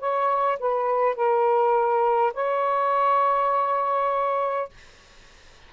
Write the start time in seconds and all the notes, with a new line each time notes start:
0.00 C#5
0.60 B4
1.16 A#4
2.34 C#5